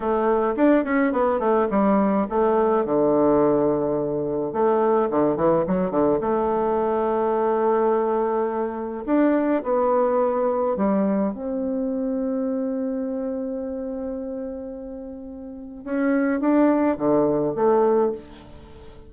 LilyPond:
\new Staff \with { instrumentName = "bassoon" } { \time 4/4 \tempo 4 = 106 a4 d'8 cis'8 b8 a8 g4 | a4 d2. | a4 d8 e8 fis8 d8 a4~ | a1 |
d'4 b2 g4 | c'1~ | c'1 | cis'4 d'4 d4 a4 | }